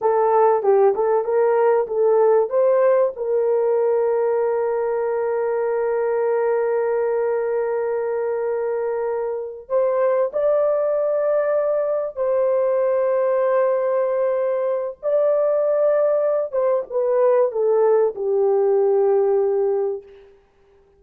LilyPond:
\new Staff \with { instrumentName = "horn" } { \time 4/4 \tempo 4 = 96 a'4 g'8 a'8 ais'4 a'4 | c''4 ais'2.~ | ais'1~ | ais'2.~ ais'8 c''8~ |
c''8 d''2. c''8~ | c''1 | d''2~ d''8 c''8 b'4 | a'4 g'2. | }